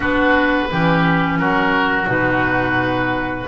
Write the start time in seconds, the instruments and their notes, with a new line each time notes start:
0.00 double bass B3, clarinet D4, oboe F#4 B4
0.71 double bass E3, clarinet C#4, oboe G4
1.38 double bass F#3, oboe F#4 A#4
2.05 double bass B2, clarinet D#4, oboe B4